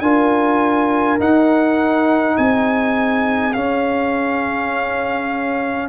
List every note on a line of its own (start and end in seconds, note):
0.00 1.18 D4
0.00 1.19 F4
0.00 2.36 A#4
0.00 1.18 G#5
1.19 2.37 D#4
1.19 3.54 D#4
1.19 2.37 F#5
2.36 3.55 C4
2.36 5.89 G#4
2.36 3.53 G#5
3.53 5.89 C#4
3.53 5.88 F5